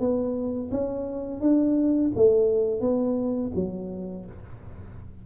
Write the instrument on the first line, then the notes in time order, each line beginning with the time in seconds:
tuba
0.00 B3
0.72 C#4
1.41 D4
2.16 A3
2.81 B3
3.55 F#3